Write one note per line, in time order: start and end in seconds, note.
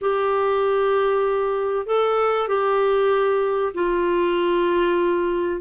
0.01 1.86 G4
1.86 2.48 A4
2.48 3.73 G4
3.74 5.61 F4